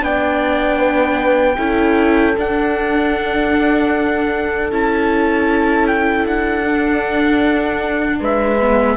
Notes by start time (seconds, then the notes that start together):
0.00 B3 D4 D5 G5
0.79 B4
1.57 C#4 E4 A4
2.37 D4 F#5
4.72 C#4 E4 A5
5.88 G5
6.27 D4 F#5
6.65 D4
8.20 G#3 B4 E5
8.61 B3